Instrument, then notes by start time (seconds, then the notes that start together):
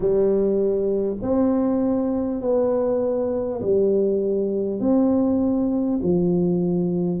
tuba
0.00 G3
1.22 C4
2.41 B3
3.61 G3
4.79 C4
6.03 F3